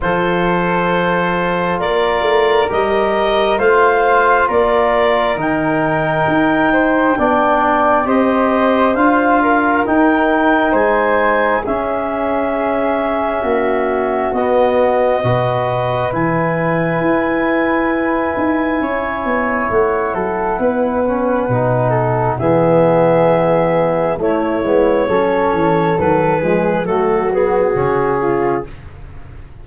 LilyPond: <<
  \new Staff \with { instrumentName = "clarinet" } { \time 4/4 \tempo 4 = 67 c''2 d''4 dis''4 | f''4 d''4 g''2~ | g''4 dis''4 f''4 g''4 | gis''4 e''2. |
dis''2 gis''2~ | gis''2 fis''2~ | fis''4 e''2 cis''4~ | cis''4 b'4 a'8 gis'4. | }
  \new Staff \with { instrumentName = "flute" } { \time 4/4 a'2 ais'2 | c''4 ais'2~ ais'8 c''8 | d''4 c''4. ais'4. | c''4 gis'2 fis'4~ |
fis'4 b'2.~ | b'4 cis''4. a'8 b'4~ | b'8 a'8 gis'2 e'4 | a'4. gis'8 fis'4. f'8 | }
  \new Staff \with { instrumentName = "trombone" } { \time 4/4 f'2. g'4 | f'2 dis'2 | d'4 g'4 f'4 dis'4~ | dis'4 cis'2. |
b4 fis'4 e'2~ | e'2.~ e'8 cis'8 | dis'4 b2 a8 b8 | cis'4 fis8 gis8 a8 b8 cis'4 | }
  \new Staff \with { instrumentName = "tuba" } { \time 4/4 f2 ais8 a8 g4 | a4 ais4 dis4 dis'4 | b4 c'4 d'4 dis'4 | gis4 cis'2 ais4 |
b4 b,4 e4 e'4~ | e'8 dis'8 cis'8 b8 a8 fis8 b4 | b,4 e2 a8 gis8 | fis8 e8 dis8 f8 fis4 cis4 | }
>>